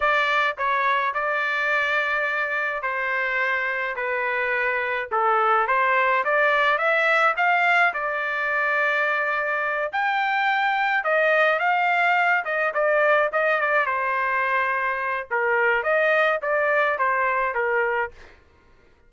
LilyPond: \new Staff \with { instrumentName = "trumpet" } { \time 4/4 \tempo 4 = 106 d''4 cis''4 d''2~ | d''4 c''2 b'4~ | b'4 a'4 c''4 d''4 | e''4 f''4 d''2~ |
d''4. g''2 dis''8~ | dis''8 f''4. dis''8 d''4 dis''8 | d''8 c''2~ c''8 ais'4 | dis''4 d''4 c''4 ais'4 | }